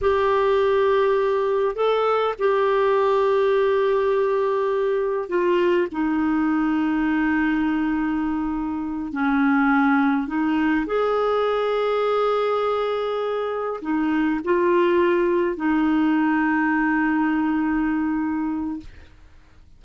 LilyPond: \new Staff \with { instrumentName = "clarinet" } { \time 4/4 \tempo 4 = 102 g'2. a'4 | g'1~ | g'4 f'4 dis'2~ | dis'2.~ dis'8 cis'8~ |
cis'4. dis'4 gis'4.~ | gis'2.~ gis'8 dis'8~ | dis'8 f'2 dis'4.~ | dis'1 | }